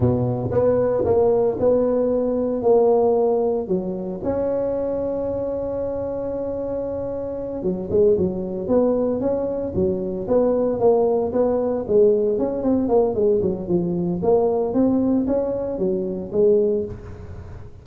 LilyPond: \new Staff \with { instrumentName = "tuba" } { \time 4/4 \tempo 4 = 114 b,4 b4 ais4 b4~ | b4 ais2 fis4 | cis'1~ | cis'2~ cis'8 fis8 gis8 fis8~ |
fis8 b4 cis'4 fis4 b8~ | b8 ais4 b4 gis4 cis'8 | c'8 ais8 gis8 fis8 f4 ais4 | c'4 cis'4 fis4 gis4 | }